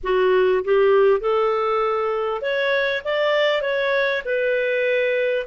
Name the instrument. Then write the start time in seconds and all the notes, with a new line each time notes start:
clarinet
0.03 F#4
0.64 G4
1.20 A4
2.41 C#5
3.04 D5
3.61 C#5
4.25 B4